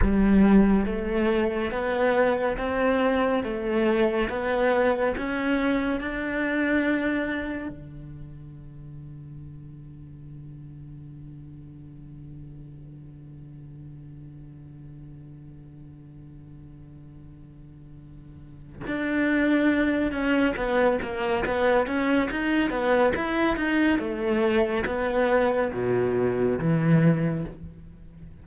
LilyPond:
\new Staff \with { instrumentName = "cello" } { \time 4/4 \tempo 4 = 70 g4 a4 b4 c'4 | a4 b4 cis'4 d'4~ | d'4 d2.~ | d1~ |
d1~ | d2 d'4. cis'8 | b8 ais8 b8 cis'8 dis'8 b8 e'8 dis'8 | a4 b4 b,4 e4 | }